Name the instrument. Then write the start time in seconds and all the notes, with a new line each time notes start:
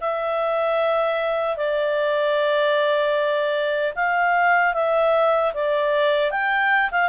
clarinet
0.00 E5
1.56 D5
3.95 F5
4.73 E5
5.53 D5
6.31 G5
6.91 F5